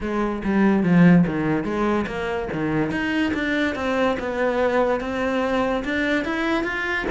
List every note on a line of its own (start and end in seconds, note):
0.00 0.42 G#3
0.44 0.83 G3
0.83 1.24 F3
1.26 1.64 D#3
1.64 2.05 G#3
2.06 2.48 A#3
2.52 2.91 D#3
2.91 3.33 D#4
3.34 3.75 D4
3.75 4.16 C4
4.19 5.00 B3
5.00 5.83 C4
5.84 6.24 D4
6.24 6.63 E4
6.63 7.05 F4